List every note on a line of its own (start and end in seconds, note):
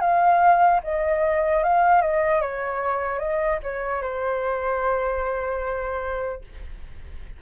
0.00 0.80 F5
0.83 1.63 D#5
1.63 2.01 F5
2.01 2.41 D#5
2.41 3.19 C#5
3.19 3.59 D#5
3.63 4.01 C#5
4.01 6.41 C5